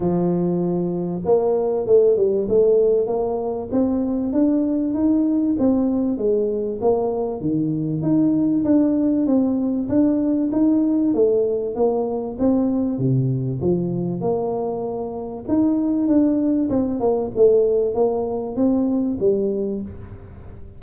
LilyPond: \new Staff \with { instrumentName = "tuba" } { \time 4/4 \tempo 4 = 97 f2 ais4 a8 g8 | a4 ais4 c'4 d'4 | dis'4 c'4 gis4 ais4 | dis4 dis'4 d'4 c'4 |
d'4 dis'4 a4 ais4 | c'4 c4 f4 ais4~ | ais4 dis'4 d'4 c'8 ais8 | a4 ais4 c'4 g4 | }